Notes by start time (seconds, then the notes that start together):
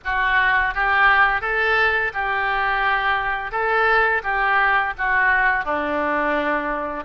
0.04 F#4
0.74 G4
1.41 A4
2.13 G4
3.51 A4
4.23 G4
4.98 F#4
5.64 D4